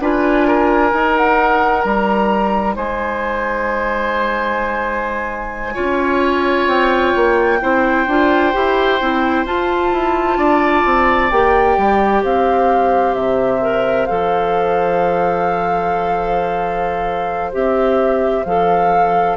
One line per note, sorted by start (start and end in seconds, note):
0.00 0.92 D4
0.00 0.91 F4
0.00 0.48 B4
0.00 1.17 G#5
0.48 2.76 A#4
0.91 5.75 D#4
0.91 1.85 D#4
1.17 1.82 F#5
1.82 2.77 G3
1.82 2.74 A#5
2.76 5.77 G#3
2.76 5.74 C5
2.76 6.68 G#5
5.74 6.68 C#4
5.74 7.59 F4
5.74 7.59 C#5
6.68 7.14 C4
6.68 9.45 G5
7.16 7.62 A#3
7.61 8.07 C4
7.61 8.07 E4
7.61 10.38 C5
8.07 8.54 D4
8.07 8.53 F4
8.53 9.01 E4
8.53 9.00 G4
9.01 9.46 C4
9.01 9.46 E4
9.46 9.92 F4
9.46 11.31 F4
9.46 11.31 A5
9.93 10.37 E4
10.37 10.83 D4
10.37 12.23 D5
10.86 11.32 C4
11.31 11.78 A#3
11.31 13.62 G4
11.31 12.23 G5
11.78 12.24 G3
12.23 13.15 C4
12.23 19.37 C5
12.23 13.15 F5
13.15 14.07 C3
13.15 14.06 E5
13.62 14.08 A#4
14.06 17.54 F3
14.06 17.53 A4
14.06 17.52 F5
17.53 18.45 C4
17.53 18.45 G4
17.53 18.44 E5
18.44 19.37 F3
18.44 19.37 A4
18.44 19.37 F5